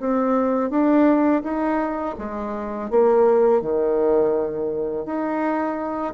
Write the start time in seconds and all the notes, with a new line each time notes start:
0.00 C4
0.70 D4
1.44 D#4
2.19 G#3
2.91 A#3
3.62 D#3
5.06 D#4